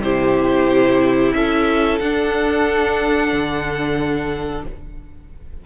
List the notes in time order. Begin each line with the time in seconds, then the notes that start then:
0.00 C3 E4 G4 C5
1.33 C#4 A4 E5
1.99 D4 F#5
3.32 D3